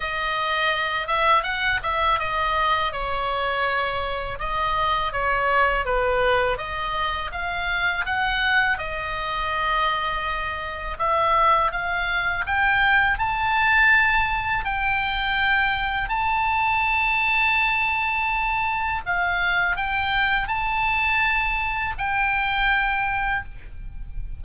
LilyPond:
\new Staff \with { instrumentName = "oboe" } { \time 4/4 \tempo 4 = 82 dis''4. e''8 fis''8 e''8 dis''4 | cis''2 dis''4 cis''4 | b'4 dis''4 f''4 fis''4 | dis''2. e''4 |
f''4 g''4 a''2 | g''2 a''2~ | a''2 f''4 g''4 | a''2 g''2 | }